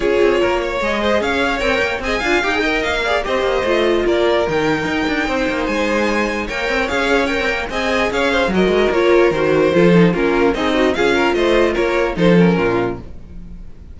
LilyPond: <<
  \new Staff \with { instrumentName = "violin" } { \time 4/4 \tempo 4 = 148 cis''2 dis''4 f''4 | g''4 gis''4 g''4 f''4 | dis''2 d''4 g''4~ | g''2 gis''2 |
g''4 f''4 g''4 gis''4 | f''4 dis''4 cis''4 c''4~ | c''4 ais'4 dis''4 f''4 | dis''4 cis''4 c''8 ais'4. | }
  \new Staff \with { instrumentName = "violin" } { \time 4/4 gis'4 ais'8 cis''4 c''8 cis''4~ | cis''4 dis''8 f''4 dis''4 d''8 | c''2 ais'2~ | ais'4 c''2. |
cis''2. dis''4 | cis''8 c''8 ais'2. | a'4 f'4 dis'4 gis'8 ais'8 | c''4 ais'4 a'4 f'4 | }
  \new Staff \with { instrumentName = "viola" } { \time 4/4 f'2 gis'2 | ais'4 gis'8 f'8 g'16 gis'16 ais'4 gis'8 | g'4 f'2 dis'4~ | dis'1 |
ais'4 gis'4 ais'4 gis'4~ | gis'4 fis'4 f'4 fis'4 | f'8 dis'8 cis'4 gis'8 fis'8 f'4~ | f'2 dis'8 cis'4. | }
  \new Staff \with { instrumentName = "cello" } { \time 4/4 cis'8 c'8 ais4 gis4 cis'4 | c'8 ais8 c'8 d'8 dis'4 ais4 | c'8 ais8 a4 ais4 dis4 | dis'8 d'8 c'8 ais8 gis2 |
ais8 c'8 cis'4~ cis'16 c'16 ais8 c'4 | cis'4 fis8 gis8 ais4 dis4 | f4 ais4 c'4 cis'4 | a4 ais4 f4 ais,4 | }
>>